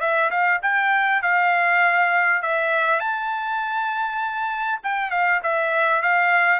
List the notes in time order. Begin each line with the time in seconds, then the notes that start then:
0.00 E5
0.31 F5
0.62 G5
1.22 F5
2.42 E5
3.00 A5
4.84 G5
5.11 F5
5.43 E5
6.02 F5